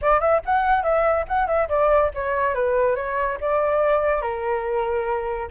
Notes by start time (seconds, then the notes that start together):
0.01 D5
0.20 E5
0.45 F#5
0.83 E5
1.28 F#5
1.47 E5
1.69 D5
2.14 C#5
2.54 B4
2.95 C#5
3.40 D5
4.21 A#4